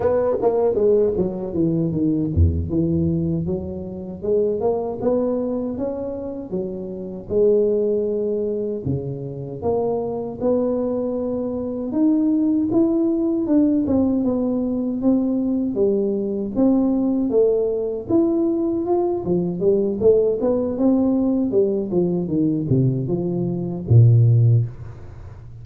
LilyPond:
\new Staff \with { instrumentName = "tuba" } { \time 4/4 \tempo 4 = 78 b8 ais8 gis8 fis8 e8 dis8 e,8 e8~ | e8 fis4 gis8 ais8 b4 cis'8~ | cis'8 fis4 gis2 cis8~ | cis8 ais4 b2 dis'8~ |
dis'8 e'4 d'8 c'8 b4 c'8~ | c'8 g4 c'4 a4 e'8~ | e'8 f'8 f8 g8 a8 b8 c'4 | g8 f8 dis8 c8 f4 ais,4 | }